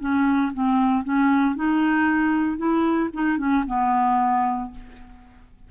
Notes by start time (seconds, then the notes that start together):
0.00 C#4
0.53 C4
1.04 C#4
1.56 D#4
2.57 E4
3.14 D#4
3.38 C#4
3.67 B3